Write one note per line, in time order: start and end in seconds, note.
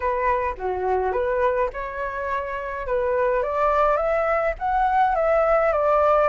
0.00 0.54 B4
0.57 1.12 F#4
1.12 1.69 B4
1.73 2.86 C#5
2.86 3.43 B4
3.43 3.96 D5
3.96 4.54 E5
4.58 5.15 F#5
5.15 5.72 E5
5.72 6.28 D5